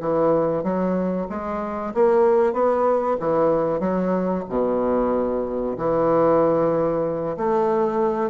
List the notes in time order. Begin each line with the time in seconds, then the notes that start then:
0.00 E3
0.63 F#3
1.29 G#3
1.94 A#3
2.53 B3
3.20 E3
3.80 F#3
4.49 B2
5.77 E3
7.37 A3